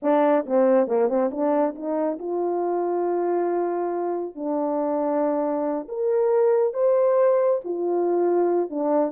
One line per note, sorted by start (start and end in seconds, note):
0.02 0.45 D4
0.46 0.87 C4
0.87 1.08 A#3
1.08 1.30 C4
1.31 1.74 D4
1.75 2.18 D#4
2.18 4.35 F4
4.35 5.87 D4
5.88 6.73 A#4
6.73 7.60 C5
7.64 8.70 F4
8.70 9.11 D4